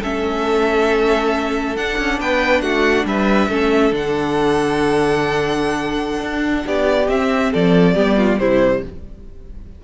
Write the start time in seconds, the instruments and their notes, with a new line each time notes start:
0.00 cello A3, viola C#4, violin A4 E5
1.76 cello D4, viola D4, violin F#5
1.99 cello C#4
2.20 cello B3, violin B4 G5
2.61 cello A3, violin F#4 F#5
3.05 cello G3, violin B4 E5
3.48 cello A3, viola C#4, violin A4
3.92 cello D3, viola D4, violin F#5
6.21 cello D4
6.66 cello B3, violin G4 D5
7.08 cello C4, viola C4, violin E5
7.52 cello F3, violin A4 D5
7.95 cello G3, viola B3, violin G4
8.17 violin F4
8.38 cello C3, viola G3, violin E4 C5